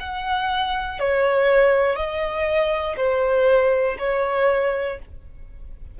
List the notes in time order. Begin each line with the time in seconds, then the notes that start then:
0.00 F#5
1.00 C#5
1.96 D#5
2.97 C5
3.99 C#5